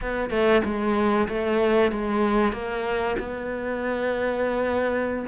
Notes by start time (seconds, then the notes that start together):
0.01 B3
0.30 A3
0.64 G#3
1.28 A3
1.91 G#3
2.52 A#3
3.18 B3